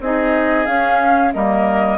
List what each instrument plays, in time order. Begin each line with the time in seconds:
0.00 bassoon C4, clarinet D#4, oboe G#4, flute D#5
0.66 clarinet C#4, bassoon C#4, flute F5
1.33 bassoon G3, clarinet A#3, oboe A#4, flute D#5